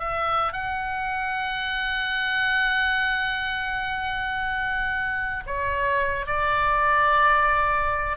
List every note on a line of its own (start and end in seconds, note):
0.00 0.53 E5
0.53 5.44 F#5
5.46 6.27 C#5
6.27 8.17 D5